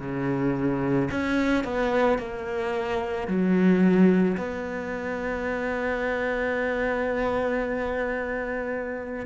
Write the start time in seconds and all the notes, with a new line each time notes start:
0.00 C#3
1.10 C#4
1.64 B3
2.18 A#3
3.27 F#3
4.37 B3